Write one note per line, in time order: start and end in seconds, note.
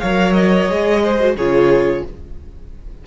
0.00 0.70 F#3
0.00 0.69 A#4
0.00 1.03 C#5
0.00 0.33 F5
0.33 1.34 D#5
0.69 1.36 G#3
0.69 1.20 G#4
1.04 1.37 C5
1.20 1.37 F#4
1.36 2.03 C#3
1.36 2.07 F4
1.36 2.04 G#4
1.36 2.05 C#5